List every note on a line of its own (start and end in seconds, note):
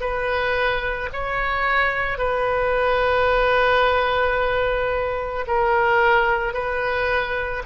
0.00 1.09 B4
1.13 2.18 C#5
2.18 5.45 B4
5.47 6.54 A#4
6.54 7.63 B4